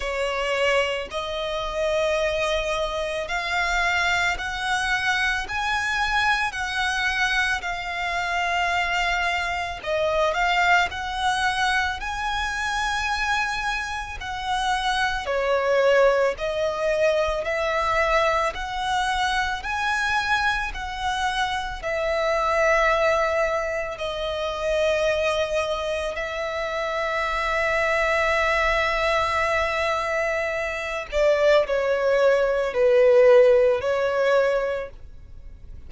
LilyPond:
\new Staff \with { instrumentName = "violin" } { \time 4/4 \tempo 4 = 55 cis''4 dis''2 f''4 | fis''4 gis''4 fis''4 f''4~ | f''4 dis''8 f''8 fis''4 gis''4~ | gis''4 fis''4 cis''4 dis''4 |
e''4 fis''4 gis''4 fis''4 | e''2 dis''2 | e''1~ | e''8 d''8 cis''4 b'4 cis''4 | }